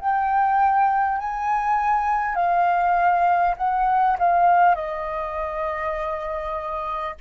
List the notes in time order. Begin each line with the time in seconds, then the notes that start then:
0.00 G5
1.19 G#5
2.36 F5
3.58 F#5
4.19 F5
4.76 D#5